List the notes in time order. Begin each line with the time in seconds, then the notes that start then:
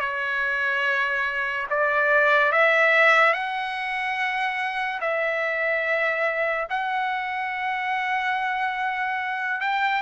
0.00 C#5
1.70 D5
2.52 E5
3.33 F#5
5.00 E5
6.69 F#5
9.60 G5